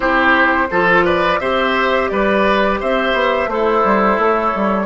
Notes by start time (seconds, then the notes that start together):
0.00 C4 E4 G4 C5
0.70 F3 F4 A4
1.04 B4 D5
1.39 C4 G4 C5 E5
2.09 G3 B4 D5
2.80 C4 C5 E5
3.13 B3
3.47 A3 E4 A4 C5
3.84 G3
4.17 A3 C#5
4.55 G3